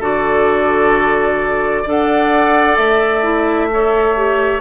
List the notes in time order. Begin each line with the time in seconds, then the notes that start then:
0.00 D3 F#4 A4 D5
1.83 D4 A4 D5
1.90 F#5
2.77 A3 E5
3.23 E4
3.73 A4 C#5
4.17 G4